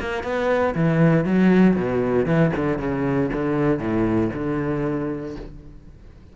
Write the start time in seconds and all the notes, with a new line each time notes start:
0.00 A#3
0.23 B3
0.75 E3
1.24 F#3
1.76 B2
2.26 E3
2.56 D3
2.78 C#3
3.33 D3
3.79 A2
4.33 D3